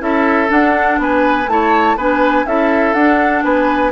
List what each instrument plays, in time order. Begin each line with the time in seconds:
0.00 bassoon C#4, clarinet E4, oboe A4, flute E5
0.48 clarinet D4, bassoon D4, flute F#5
0.98 bassoon B3, oboe B4, flute G#5
1.47 bassoon A3, clarinet E4, oboe C#5, flute A5
1.96 bassoon B3, clarinet D4, oboe B4, flute G#5
2.46 bassoon C#4, clarinet E4, oboe A4, flute E5
2.94 bassoon D4, clarinet D4, flute F#5
3.43 bassoon B3, oboe B4, flute G#5